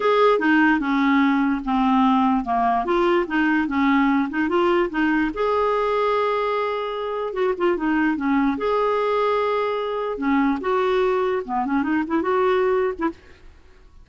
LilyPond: \new Staff \with { instrumentName = "clarinet" } { \time 4/4 \tempo 4 = 147 gis'4 dis'4 cis'2 | c'2 ais4 f'4 | dis'4 cis'4. dis'8 f'4 | dis'4 gis'2.~ |
gis'2 fis'8 f'8 dis'4 | cis'4 gis'2.~ | gis'4 cis'4 fis'2 | b8 cis'8 dis'8 e'8 fis'4.~ fis'16 e'16 | }